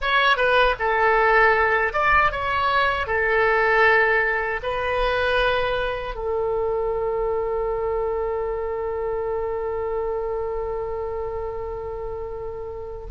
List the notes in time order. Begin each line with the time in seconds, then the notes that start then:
0.01 C#5
0.36 B4
0.79 A4
1.93 D5
2.31 C#5
3.06 A4
4.62 B4
6.14 A4